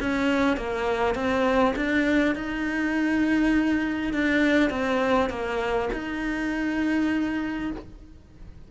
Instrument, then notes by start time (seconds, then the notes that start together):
cello
0.00 C#4
0.56 A#3
1.15 C4
1.76 D4
2.35 D#4
4.13 D4
4.70 C4
5.30 A#3
5.93 D#4